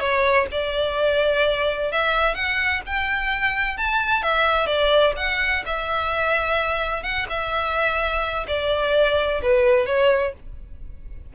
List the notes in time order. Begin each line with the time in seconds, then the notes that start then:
0.00 C#5
0.52 D5
1.92 E5
2.35 F#5
2.86 G5
3.78 A5
4.23 E5
4.67 D5
5.17 F#5
5.66 E5
7.03 F#5
7.29 E5
8.48 D5
9.42 B4
9.87 C#5